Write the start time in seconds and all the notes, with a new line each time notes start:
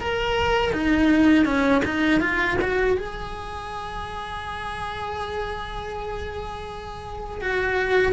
0.00 A#4
0.73 D#4
1.45 C#4
1.85 D#4
2.21 F4
2.62 F#4
2.98 G#4
7.41 F#4